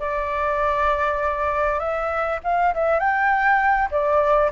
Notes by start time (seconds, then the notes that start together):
0.00 D5
1.80 E5
2.44 F5
2.75 E5
3.00 G5
3.91 D5